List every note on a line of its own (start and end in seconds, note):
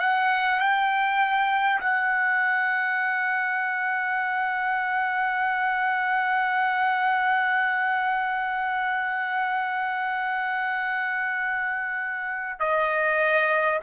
0.00 0.60 F#5
0.60 1.80 G5
1.81 12.60 F#5
12.60 13.80 D#5